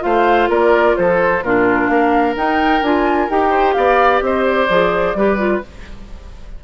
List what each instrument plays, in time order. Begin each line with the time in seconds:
0.00 bassoon A3, clarinet F4, oboe C5, flute F5
0.49 bassoon A#3, oboe A#4, flute D5
0.97 bassoon F3, oboe A4, flute C5
1.43 bassoon A#2, clarinet D4, oboe F4, flute A#4
1.88 bassoon A#3, oboe A#4, flute F5
2.36 bassoon D#4, clarinet D#4, flute G5
2.82 bassoon D4, clarinet F4, flute G#5
3.29 bassoon D#4, clarinet G4, flute G5
3.50 oboe C5
3.74 bassoon B3, oboe D5, flute F5
4.22 bassoon C4, oboe C5, flute D#5
4.45 flute D5
4.69 bassoon F3, clarinet G#4
5.15 bassoon G3, clarinet G4, oboe B4
5.38 clarinet F4